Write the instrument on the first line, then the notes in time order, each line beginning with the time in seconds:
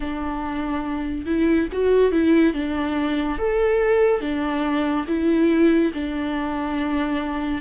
viola
0.00 D4
1.26 E4
1.72 F#4
2.11 E4
2.54 D4
3.38 A4
4.20 D4
5.07 E4
5.93 D4